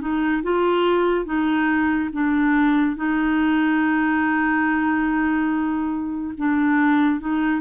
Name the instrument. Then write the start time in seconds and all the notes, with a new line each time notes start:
clarinet
0.00 D#4
0.43 F4
1.25 D#4
2.12 D4
2.96 D#4
6.37 D4
7.20 D#4